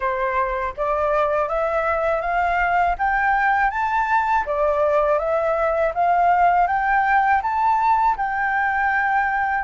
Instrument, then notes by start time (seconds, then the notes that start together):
flute
0.00 C5
0.76 D5
1.48 E5
2.21 F5
2.98 G5
3.70 A5
4.45 D5
5.19 E5
5.94 F5
6.67 G5
7.42 A5
8.16 G5